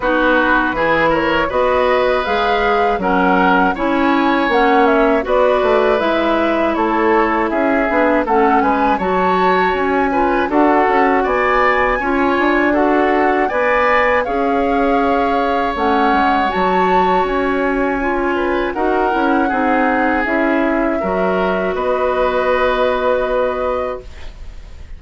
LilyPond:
<<
  \new Staff \with { instrumentName = "flute" } { \time 4/4 \tempo 4 = 80 b'4. cis''8 dis''4 f''4 | fis''4 gis''4 fis''8 e''8 d''4 | e''4 cis''4 e''4 fis''8 gis''8 | a''4 gis''4 fis''4 gis''4~ |
gis''4 fis''4 gis''4 f''4~ | f''4 fis''4 a''4 gis''4~ | gis''4 fis''2 e''4~ | e''4 dis''2. | }
  \new Staff \with { instrumentName = "oboe" } { \time 4/4 fis'4 gis'8 ais'8 b'2 | ais'4 cis''2 b'4~ | b'4 a'4 gis'4 a'8 b'8 | cis''4. b'8 a'4 d''4 |
cis''4 a'4 d''4 cis''4~ | cis''1~ | cis''8 b'8 ais'4 gis'2 | ais'4 b'2. | }
  \new Staff \with { instrumentName = "clarinet" } { \time 4/4 dis'4 e'4 fis'4 gis'4 | cis'4 e'4 cis'4 fis'4 | e'2~ e'8 d'8 cis'4 | fis'4. f'8 fis'2 |
f'4 fis'4 b'4 gis'4~ | gis'4 cis'4 fis'2 | f'4 fis'8 e'8 dis'4 e'4 | fis'1 | }
  \new Staff \with { instrumentName = "bassoon" } { \time 4/4 b4 e4 b4 gis4 | fis4 cis'4 ais4 b8 a8 | gis4 a4 cis'8 b8 a8 gis8 | fis4 cis'4 d'8 cis'8 b4 |
cis'8 d'4. b4 cis'4~ | cis'4 a8 gis8 fis4 cis'4~ | cis'4 dis'8 cis'8 c'4 cis'4 | fis4 b2. | }
>>